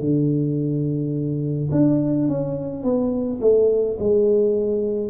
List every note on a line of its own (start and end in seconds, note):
0.00 1.70 D3
1.72 2.28 D4
2.28 2.84 C#4
2.84 3.40 B3
3.41 3.98 A3
3.99 5.10 G#3